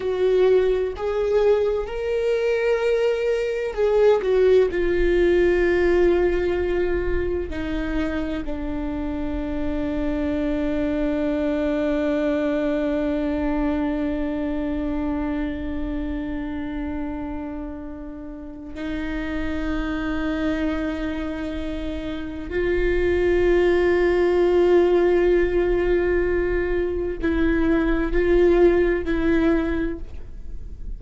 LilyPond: \new Staff \with { instrumentName = "viola" } { \time 4/4 \tempo 4 = 64 fis'4 gis'4 ais'2 | gis'8 fis'8 f'2. | dis'4 d'2.~ | d'1~ |
d'1 | dis'1 | f'1~ | f'4 e'4 f'4 e'4 | }